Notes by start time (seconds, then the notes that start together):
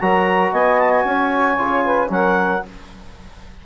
0.00 F#3 F#4 A#4 A#5
0.52 B3 D#5 G#5
0.79 A5
0.90 G#5
1.04 C#4 C#5
1.58 C#3 F4
1.84 B4
2.08 F#3 C#4 A#4 F#5